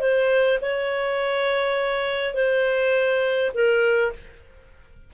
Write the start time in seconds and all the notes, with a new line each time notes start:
0.00 C5
0.61 C#5
2.34 C5
3.54 A#4